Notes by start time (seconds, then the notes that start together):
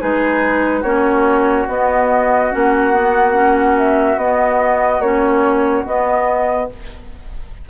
0.00 G#3 D#4 G#4 B4
0.81 A#3 C#4 F#4 C#5
1.68 B3 D#5
2.51 A#3 C#4 F#5
2.92 B3
3.34 C#4
3.77 E5
4.17 B3 D#5
4.99 A#3 C#4 C#5
5.86 B3 D#5